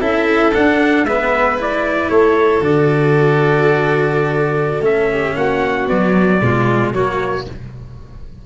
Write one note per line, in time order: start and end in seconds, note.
0.00 0.53 C#4
0.00 0.52 E4
0.00 1.05 A4
0.00 0.53 E5
0.53 1.06 D4
0.53 1.03 D4
0.53 1.05 F#5
1.03 2.08 G#3
1.03 1.57 B3
1.03 2.11 B4
1.03 1.57 E5
1.57 2.61 E4
1.57 2.09 D5
2.09 2.60 A3
2.09 5.10 A4
2.09 2.61 C#5
2.60 4.81 D3
2.60 4.82 F#4
2.60 4.84 D5
4.81 5.33 A3
4.81 5.86 C#4
4.81 5.35 E5
5.10 5.36 G4
5.35 5.87 A#3
5.35 6.42 F#4
5.35 5.88 F#5
5.87 6.41 F#3
5.87 6.39 B3
5.87 6.93 D5
6.41 6.92 B2
6.41 6.93 G#3
6.41 6.94 F4
6.92 7.44 F#3
6.92 7.46 A#3
6.92 7.46 F#4
6.92 7.45 C#5